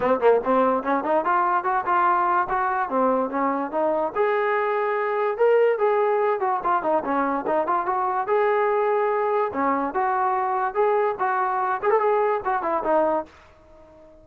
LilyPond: \new Staff \with { instrumentName = "trombone" } { \time 4/4 \tempo 4 = 145 c'8 ais8 c'4 cis'8 dis'8 f'4 | fis'8 f'4. fis'4 c'4 | cis'4 dis'4 gis'2~ | gis'4 ais'4 gis'4. fis'8 |
f'8 dis'8 cis'4 dis'8 f'8 fis'4 | gis'2. cis'4 | fis'2 gis'4 fis'4~ | fis'8 gis'16 a'16 gis'4 fis'8 e'8 dis'4 | }